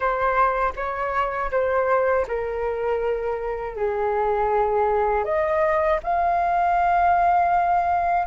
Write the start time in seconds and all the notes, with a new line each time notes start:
0.00 C5
0.75 C#5
1.51 C5
2.27 A#4
3.76 G#4
5.24 D#5
6.03 F5